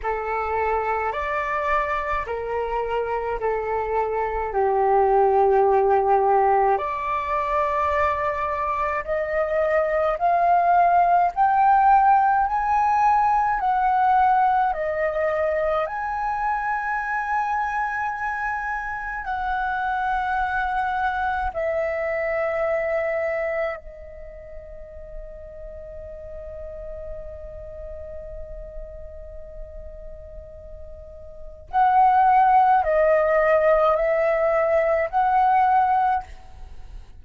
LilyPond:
\new Staff \with { instrumentName = "flute" } { \time 4/4 \tempo 4 = 53 a'4 d''4 ais'4 a'4 | g'2 d''2 | dis''4 f''4 g''4 gis''4 | fis''4 dis''4 gis''2~ |
gis''4 fis''2 e''4~ | e''4 dis''2.~ | dis''1 | fis''4 dis''4 e''4 fis''4 | }